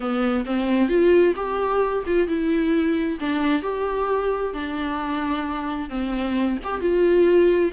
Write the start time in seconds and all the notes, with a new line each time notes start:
0.00 B3
0.45 C4
0.88 F4
1.36 G4
2.06 F4
2.27 E4
3.19 D4
3.62 G4
4.53 D4
5.89 C4
6.64 G4
6.81 F4